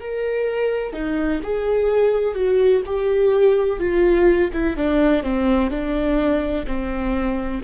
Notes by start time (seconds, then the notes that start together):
0.00 A#4
0.93 D#4
1.43 G#4
2.35 F#4
2.86 G4
3.79 F4
4.53 E4
4.77 D4
5.23 C4
5.70 D4
6.67 C4